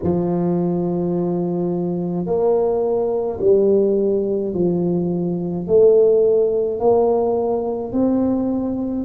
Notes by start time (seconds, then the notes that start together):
0.03 F3
2.25 A#3
3.40 G3
4.53 F3
5.67 A3
6.79 A#3
7.92 C4